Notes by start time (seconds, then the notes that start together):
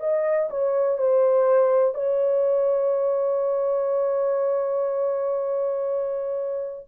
0.00 D#5
0.50 C#5
0.98 C5
1.94 C#5